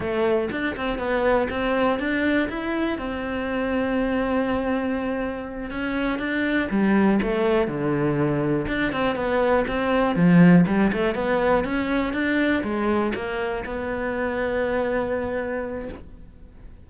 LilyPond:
\new Staff \with { instrumentName = "cello" } { \time 4/4 \tempo 4 = 121 a4 d'8 c'8 b4 c'4 | d'4 e'4 c'2~ | c'2.~ c'8 cis'8~ | cis'8 d'4 g4 a4 d8~ |
d4. d'8 c'8 b4 c'8~ | c'8 f4 g8 a8 b4 cis'8~ | cis'8 d'4 gis4 ais4 b8~ | b1 | }